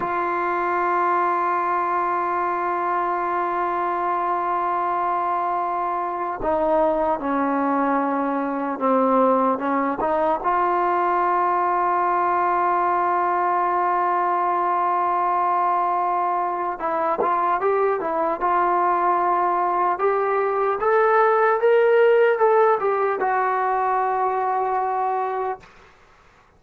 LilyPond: \new Staff \with { instrumentName = "trombone" } { \time 4/4 \tempo 4 = 75 f'1~ | f'1 | dis'4 cis'2 c'4 | cis'8 dis'8 f'2.~ |
f'1~ | f'4 e'8 f'8 g'8 e'8 f'4~ | f'4 g'4 a'4 ais'4 | a'8 g'8 fis'2. | }